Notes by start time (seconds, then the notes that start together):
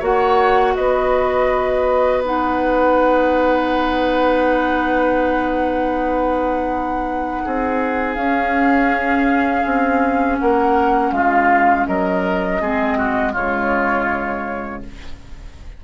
0.00 A#3 F#4 C#5 F#5
0.75 B3 B4 D#5
2.25 D#4 F#5
7.45 C4 G#4
8.15 C#4 F5
9.65 C4
10.39 A#3 A#4 F#5
11.12 G#3 F4 F5
11.87 F#3 A#4 D#5
12.62 G#3 C4 G#4
12.98 F#4
13.33 C#3 G#3 F4 C#5